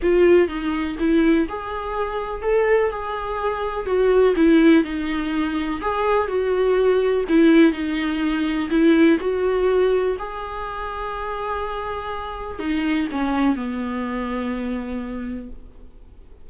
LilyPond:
\new Staff \with { instrumentName = "viola" } { \time 4/4 \tempo 4 = 124 f'4 dis'4 e'4 gis'4~ | gis'4 a'4 gis'2 | fis'4 e'4 dis'2 | gis'4 fis'2 e'4 |
dis'2 e'4 fis'4~ | fis'4 gis'2.~ | gis'2 dis'4 cis'4 | b1 | }